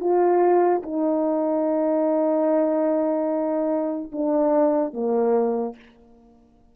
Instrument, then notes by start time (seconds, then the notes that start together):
horn
0.00 F4
0.83 D#4
4.12 D4
4.94 A#3